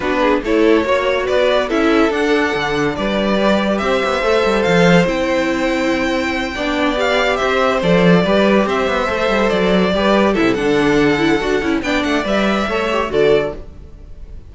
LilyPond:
<<
  \new Staff \with { instrumentName = "violin" } { \time 4/4 \tempo 4 = 142 b'4 cis''2 d''4 | e''4 fis''2 d''4~ | d''4 e''2 f''4 | g''1~ |
g''8 f''4 e''4 d''4.~ | d''8 e''2 d''4.~ | d''8 e''8 fis''2. | g''8 fis''8 e''2 d''4 | }
  \new Staff \with { instrumentName = "violin" } { \time 4/4 fis'8 gis'8 a'4 cis''4 b'4 | a'2. b'4~ | b'4 c''2.~ | c''2.~ c''8 d''8~ |
d''4. c''2 b'8~ | b'8 c''2. b'8~ | b'8 a'2.~ a'8 | d''2 cis''4 a'4 | }
  \new Staff \with { instrumentName = "viola" } { \time 4/4 d'4 e'4 fis'2 | e'4 d'2. | g'2 a'2 | e'2.~ e'8 d'8~ |
d'8 g'2 a'4 g'8~ | g'4. a'2 g'8~ | g'8 e'8 d'4. e'8 fis'8 e'8 | d'4 b'4 a'8 g'8 fis'4 | }
  \new Staff \with { instrumentName = "cello" } { \time 4/4 b4 a4 ais4 b4 | cis'4 d'4 d4 g4~ | g4 c'8 b8 a8 g8 f4 | c'2.~ c'8 b8~ |
b4. c'4 f4 g8~ | g8 c'8 b8 a8 g8 fis4 g8~ | g8 c8 d2 d'8 cis'8 | b8 a8 g4 a4 d4 | }
>>